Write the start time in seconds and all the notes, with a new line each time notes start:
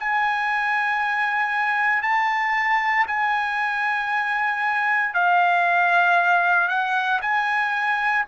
0.00 G#5
2.03 A5
3.08 G#5
5.14 F5
6.69 F#5
7.22 G#5